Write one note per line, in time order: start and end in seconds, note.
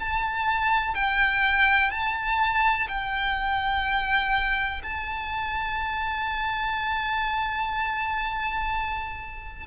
0.00 0.95 A5
0.95 1.91 G5
1.91 2.88 A5
2.89 4.82 G5
4.83 9.67 A5